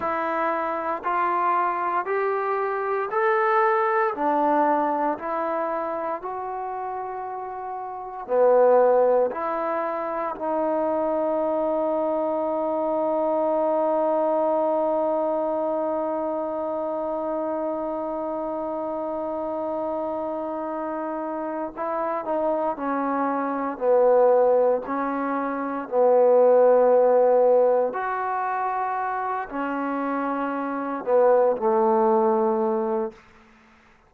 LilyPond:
\new Staff \with { instrumentName = "trombone" } { \time 4/4 \tempo 4 = 58 e'4 f'4 g'4 a'4 | d'4 e'4 fis'2 | b4 e'4 dis'2~ | dis'1~ |
dis'1~ | dis'4 e'8 dis'8 cis'4 b4 | cis'4 b2 fis'4~ | fis'8 cis'4. b8 a4. | }